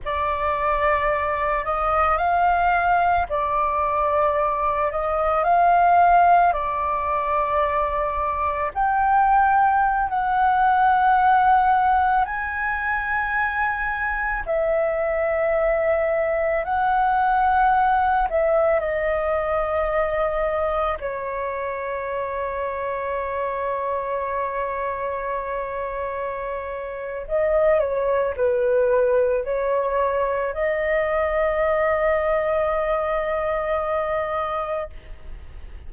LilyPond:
\new Staff \with { instrumentName = "flute" } { \time 4/4 \tempo 4 = 55 d''4. dis''8 f''4 d''4~ | d''8 dis''8 f''4 d''2 | g''4~ g''16 fis''2 gis''8.~ | gis''4~ gis''16 e''2 fis''8.~ |
fis''8. e''8 dis''2 cis''8.~ | cis''1~ | cis''4 dis''8 cis''8 b'4 cis''4 | dis''1 | }